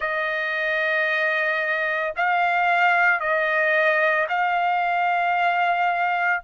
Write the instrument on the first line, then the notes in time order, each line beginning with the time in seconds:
trumpet
0.00 D#5
2.16 F5
3.19 D#5
4.29 F5